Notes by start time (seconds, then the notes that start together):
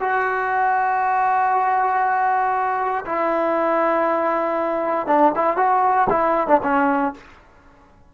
0.00 F#4
3.06 E4
5.07 D4
5.36 E4
5.57 F#4
6.10 E4
6.48 D4
6.63 C#4